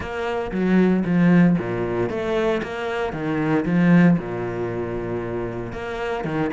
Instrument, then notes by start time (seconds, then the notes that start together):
cello
0.00 A#3
0.51 F#3
1.04 F3
1.58 A#2
2.09 A3
2.62 A#3
3.12 D#3
3.65 F3
4.18 A#2
5.72 A#3
6.24 D#3